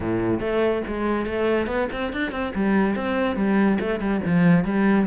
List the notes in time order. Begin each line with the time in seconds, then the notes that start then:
0.00 A2
0.40 A3
0.87 G#3
1.26 A3
1.66 B3
1.92 C4
2.12 D4
2.31 C4
2.54 G3
2.95 C4
3.36 G3
3.80 A3
3.99 G3
4.25 F3
4.64 G3